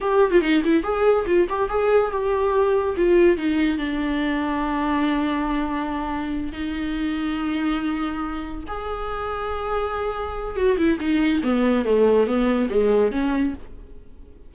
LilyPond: \new Staff \with { instrumentName = "viola" } { \time 4/4 \tempo 4 = 142 g'8. f'16 dis'8 e'8 gis'4 f'8 g'8 | gis'4 g'2 f'4 | dis'4 d'2.~ | d'2.~ d'8 dis'8~ |
dis'1~ | dis'8 gis'2.~ gis'8~ | gis'4 fis'8 e'8 dis'4 b4 | a4 b4 gis4 cis'4 | }